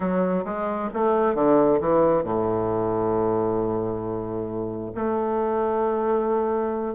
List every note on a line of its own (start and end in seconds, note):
0.00 0.44 F#3
0.45 0.89 G#3
0.93 1.34 A3
1.34 1.79 D3
1.80 2.23 E3
2.23 4.91 A2
4.94 6.94 A3